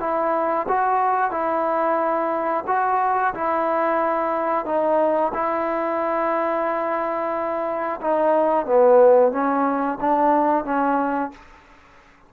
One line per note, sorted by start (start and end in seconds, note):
0.00 0.67 E4
0.68 1.32 F#4
1.32 2.65 E4
2.67 3.34 F#4
3.35 4.66 E4
4.66 5.32 D#4
5.34 8.01 E4
8.02 8.66 D#4
8.66 9.32 B3
9.32 9.98 C#4
10.01 10.65 D4
10.65 11.32 C#4